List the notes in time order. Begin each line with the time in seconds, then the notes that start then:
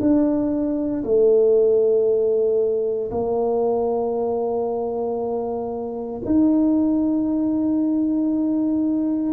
0.00 D4
1.04 A3
3.11 A#3
6.25 D#4